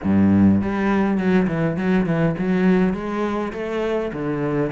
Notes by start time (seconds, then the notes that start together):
0.03 G2
0.61 G3
1.17 F#3
1.47 E3
1.76 F#3
2.06 E3
2.38 F#3
2.93 G#3
3.52 A3
4.12 D3